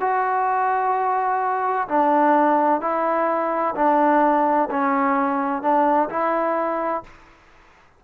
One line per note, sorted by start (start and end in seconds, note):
0.00 1.87 F#4
1.88 2.81 D4
2.81 3.74 E4
3.75 4.69 D4
4.70 5.62 C#4
5.62 6.09 D4
6.09 7.03 E4